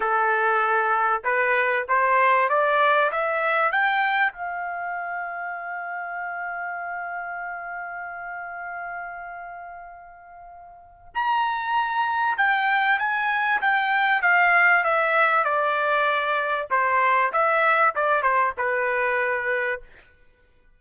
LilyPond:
\new Staff \with { instrumentName = "trumpet" } { \time 4/4 \tempo 4 = 97 a'2 b'4 c''4 | d''4 e''4 g''4 f''4~ | f''1~ | f''1~ |
f''2 ais''2 | g''4 gis''4 g''4 f''4 | e''4 d''2 c''4 | e''4 d''8 c''8 b'2 | }